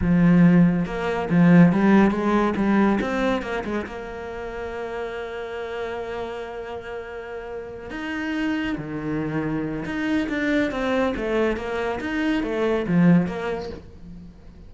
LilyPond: \new Staff \with { instrumentName = "cello" } { \time 4/4 \tempo 4 = 140 f2 ais4 f4 | g4 gis4 g4 c'4 | ais8 gis8 ais2.~ | ais1~ |
ais2~ ais8 dis'4.~ | dis'8 dis2~ dis8 dis'4 | d'4 c'4 a4 ais4 | dis'4 a4 f4 ais4 | }